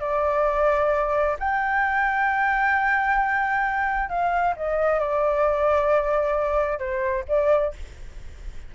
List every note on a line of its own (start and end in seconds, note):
0.00 1.36 D5
1.39 4.09 G5
4.09 4.55 F5
4.56 5.00 D#5
5.00 6.79 D5
6.79 7.24 C5
7.28 7.73 D5